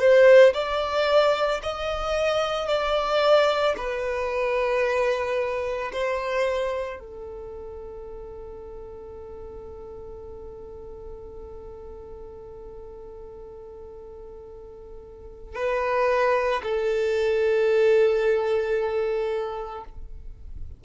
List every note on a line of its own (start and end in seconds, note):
0.00 0.54 C5
0.54 1.61 D5
1.63 2.68 D#5
2.68 3.75 D5
3.77 5.92 B4
5.93 7.00 C5
7.00 15.55 A4
15.55 16.62 B4
16.63 19.85 A4